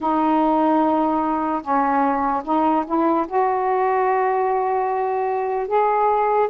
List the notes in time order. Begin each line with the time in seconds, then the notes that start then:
0.00 D#4
1.61 C#4
2.44 D#4
2.86 E4
3.27 F#4
5.68 G#4